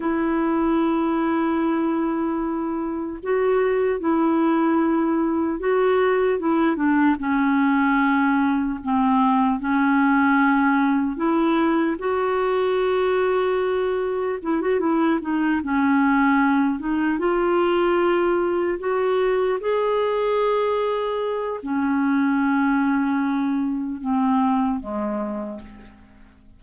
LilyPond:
\new Staff \with { instrumentName = "clarinet" } { \time 4/4 \tempo 4 = 75 e'1 | fis'4 e'2 fis'4 | e'8 d'8 cis'2 c'4 | cis'2 e'4 fis'4~ |
fis'2 e'16 fis'16 e'8 dis'8 cis'8~ | cis'4 dis'8 f'2 fis'8~ | fis'8 gis'2~ gis'8 cis'4~ | cis'2 c'4 gis4 | }